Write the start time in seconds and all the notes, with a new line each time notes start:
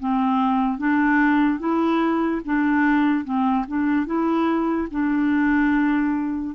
0.00 C4
0.78 D4
1.60 E4
2.45 D4
3.25 C4
3.68 D4
4.06 E4
4.91 D4